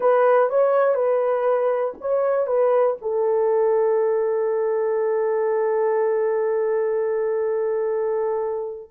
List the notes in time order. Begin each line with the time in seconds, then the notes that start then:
0.00 B4
0.49 C#5
0.94 B4
2.00 C#5
2.47 B4
3.01 A4